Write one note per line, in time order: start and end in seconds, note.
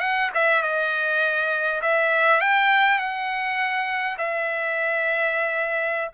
0.00 0.30 F#5
0.34 0.62 E5
0.62 1.81 D#5
1.81 2.41 E5
2.41 2.98 G5
2.98 4.17 F#5
4.18 6.11 E5